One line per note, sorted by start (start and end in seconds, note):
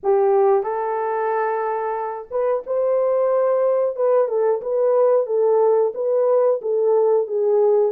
0.03 0.63 G4
0.63 2.27 A4
2.30 2.63 B4
2.66 3.96 C5
3.96 4.28 B4
4.28 4.61 A4
4.61 5.26 B4
5.26 5.92 A4
5.94 6.60 B4
6.61 7.27 A4
7.27 7.92 G#4